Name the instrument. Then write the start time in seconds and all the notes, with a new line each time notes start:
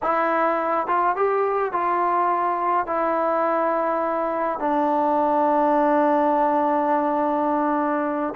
trombone
0.02 E4
0.87 F4
1.16 G4
1.72 F4
2.86 E4
4.59 D4